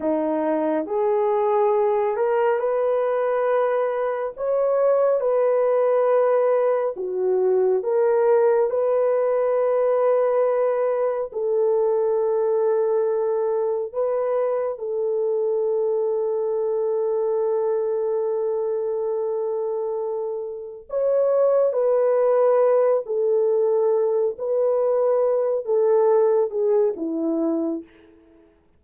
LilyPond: \new Staff \with { instrumentName = "horn" } { \time 4/4 \tempo 4 = 69 dis'4 gis'4. ais'8 b'4~ | b'4 cis''4 b'2 | fis'4 ais'4 b'2~ | b'4 a'2. |
b'4 a'2.~ | a'1 | cis''4 b'4. a'4. | b'4. a'4 gis'8 e'4 | }